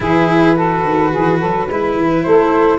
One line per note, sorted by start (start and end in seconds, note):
0.00 0.84 E3
0.00 0.56 E4
0.00 0.56 G#4
0.00 2.23 B4
0.56 1.68 F#4
0.56 1.10 A4
0.84 1.12 D#3
1.10 1.42 E3
1.10 1.38 G#4
1.39 1.69 F#3
1.39 1.67 A4
1.69 1.95 G#3
1.69 2.78 E4
1.69 2.25 B4
1.95 2.23 E3
2.23 2.78 A3
2.23 2.78 A4
2.23 2.78 C5